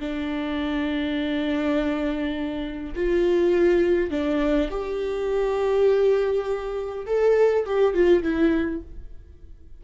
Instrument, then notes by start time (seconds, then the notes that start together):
viola
0.00 D4
2.95 F4
4.11 D4
4.71 G4
7.06 A4
7.66 G4
7.95 F4
8.23 E4